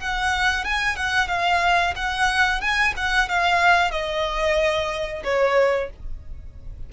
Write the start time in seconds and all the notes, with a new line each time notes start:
0.00 F#5
0.65 G#5
0.97 F#5
1.28 F5
1.96 F#5
2.61 G#5
2.97 F#5
3.29 F5
3.91 D#5
5.24 C#5